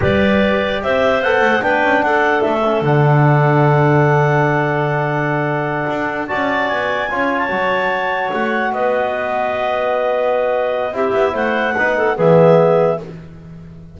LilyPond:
<<
  \new Staff \with { instrumentName = "clarinet" } { \time 4/4 \tempo 4 = 148 d''2 e''4 fis''4 | g''4 fis''4 e''4 fis''4~ | fis''1~ | fis''2.~ fis''8 a''8~ |
a''8 gis''4.~ gis''16 a''4.~ a''16~ | a''8 fis''4 dis''2~ dis''8~ | dis''2. e''4 | fis''2 e''2 | }
  \new Staff \with { instrumentName = "clarinet" } { \time 4/4 b'2 c''2 | b'4 a'2.~ | a'1~ | a'2.~ a'8 d''8~ |
d''4. cis''2~ cis''8~ | cis''4. b'2~ b'8~ | b'2. g'4 | c''4 b'8 a'8 gis'2 | }
  \new Staff \with { instrumentName = "trombone" } { \time 4/4 g'2. a'4 | d'2~ d'8 cis'8 d'4~ | d'1~ | d'2.~ d'8 fis'8~ |
fis'4. f'4 fis'4.~ | fis'1~ | fis'2. e'4~ | e'4 dis'4 b2 | }
  \new Staff \with { instrumentName = "double bass" } { \time 4/4 g2 c'4 b8 a8 | b8 cis'8 d'4 a4 d4~ | d1~ | d2~ d8 d'4 cis'8~ |
cis'8 b4 cis'4 fis4.~ | fis8 a4 b2~ b8~ | b2. c'8 b8 | a4 b4 e2 | }
>>